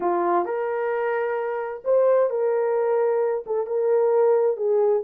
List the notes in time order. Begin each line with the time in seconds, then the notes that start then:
0.00 F4
0.45 A#4
1.84 C5
2.30 A#4
3.46 A4
3.66 A#4
4.56 G#4